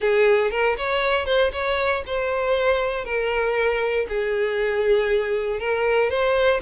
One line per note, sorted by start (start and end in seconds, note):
0.00 0.50 G#4
0.50 0.76 A#4
0.77 1.25 C#5
1.25 1.51 C5
1.52 2.03 C#5
2.06 3.04 C5
3.04 4.06 A#4
4.09 5.59 G#4
5.59 6.10 A#4
6.10 6.61 C5